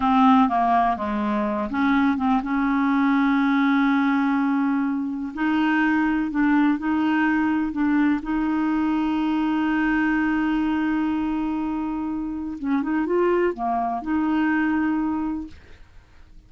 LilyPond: \new Staff \with { instrumentName = "clarinet" } { \time 4/4 \tempo 4 = 124 c'4 ais4 gis4. cis'8~ | cis'8 c'8 cis'2.~ | cis'2. dis'4~ | dis'4 d'4 dis'2 |
d'4 dis'2.~ | dis'1~ | dis'2 cis'8 dis'8 f'4 | ais4 dis'2. | }